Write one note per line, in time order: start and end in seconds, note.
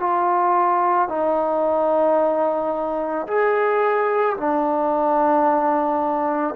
0.00 1.09 F4
1.09 3.27 D#4
3.27 4.36 G#4
4.37 6.55 D4